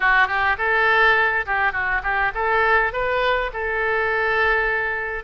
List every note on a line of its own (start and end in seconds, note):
0.00 0.27 F#4
0.27 0.56 G4
0.58 1.45 A4
1.46 1.72 G4
1.72 2.01 F#4
2.03 2.32 G4
2.34 2.92 A4
2.93 3.51 B4
3.53 5.24 A4